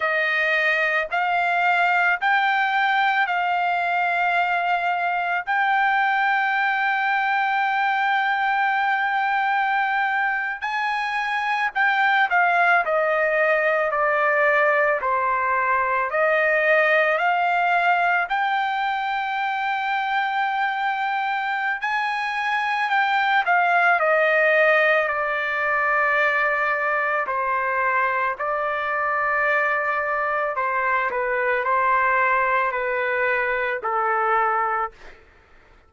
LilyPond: \new Staff \with { instrumentName = "trumpet" } { \time 4/4 \tempo 4 = 55 dis''4 f''4 g''4 f''4~ | f''4 g''2.~ | g''4.~ g''16 gis''4 g''8 f''8 dis''16~ | dis''8. d''4 c''4 dis''4 f''16~ |
f''8. g''2.~ g''16 | gis''4 g''8 f''8 dis''4 d''4~ | d''4 c''4 d''2 | c''8 b'8 c''4 b'4 a'4 | }